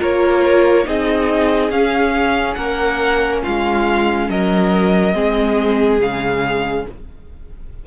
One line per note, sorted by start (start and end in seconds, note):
0.00 0.87 A#3
0.00 0.85 F4
0.00 0.86 A#4
0.00 0.88 C#5
0.85 1.70 C4
0.85 1.71 D#4
0.85 2.58 G#4
0.85 1.71 D#5
1.70 2.56 C#4
1.70 5.14 C#4
1.70 2.55 F5
2.55 3.43 A#3
2.55 3.43 A#4
2.55 3.40 F#5
3.43 4.30 G#3
3.43 4.29 F4
3.43 4.30 F5
4.30 5.15 F#3
4.30 5.15 A#4
4.30 6.01 D#5
5.14 6.00 G#3
5.14 6.00 C4
5.14 6.87 G#4
6.00 6.86 C#3
6.00 6.87 G#3
6.00 6.87 F5